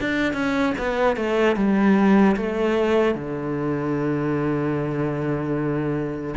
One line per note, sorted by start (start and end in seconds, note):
0.00 0.33 D4
0.33 0.73 C#4
0.78 1.16 B3
1.16 1.56 A3
1.56 2.36 G3
2.36 3.15 A3
3.15 6.35 D3